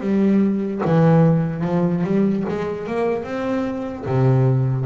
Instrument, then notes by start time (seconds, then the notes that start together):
double bass
0.00 G3
0.85 E3
1.63 F3
2.03 G3
2.48 G#3
2.87 A#3
3.23 C4
4.05 C3